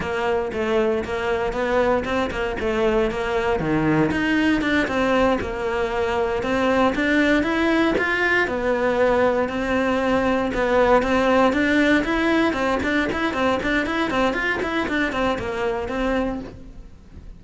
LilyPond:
\new Staff \with { instrumentName = "cello" } { \time 4/4 \tempo 4 = 117 ais4 a4 ais4 b4 | c'8 ais8 a4 ais4 dis4 | dis'4 d'8 c'4 ais4.~ | ais8 c'4 d'4 e'4 f'8~ |
f'8 b2 c'4.~ | c'8 b4 c'4 d'4 e'8~ | e'8 c'8 d'8 e'8 c'8 d'8 e'8 c'8 | f'8 e'8 d'8 c'8 ais4 c'4 | }